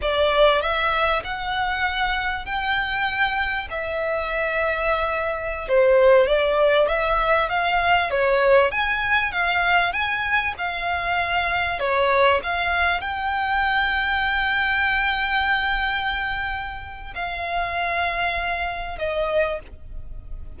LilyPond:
\new Staff \with { instrumentName = "violin" } { \time 4/4 \tempo 4 = 98 d''4 e''4 fis''2 | g''2 e''2~ | e''4~ e''16 c''4 d''4 e''8.~ | e''16 f''4 cis''4 gis''4 f''8.~ |
f''16 gis''4 f''2 cis''8.~ | cis''16 f''4 g''2~ g''8.~ | g''1 | f''2. dis''4 | }